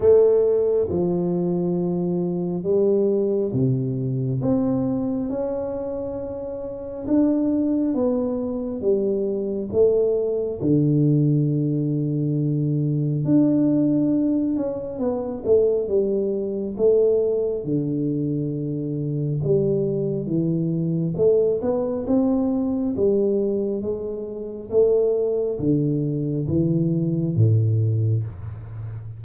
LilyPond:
\new Staff \with { instrumentName = "tuba" } { \time 4/4 \tempo 4 = 68 a4 f2 g4 | c4 c'4 cis'2 | d'4 b4 g4 a4 | d2. d'4~ |
d'8 cis'8 b8 a8 g4 a4 | d2 g4 e4 | a8 b8 c'4 g4 gis4 | a4 d4 e4 a,4 | }